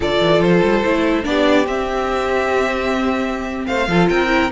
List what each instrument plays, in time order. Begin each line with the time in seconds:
0.00 cello D3, viola F4, violin A4 D5
0.20 cello E3
0.40 cello F3, violin C5
0.63 cello G3
0.84 cello A3, viola E4
1.23 cello B3, viola D4, violin G4 D5
1.66 cello C4, viola C4, violin E5
3.66 cello A3, violin C5 F5
3.87 cello F3, viola F4, violin A4
4.09 cello C4, violin A#4 G5
4.28 viola E4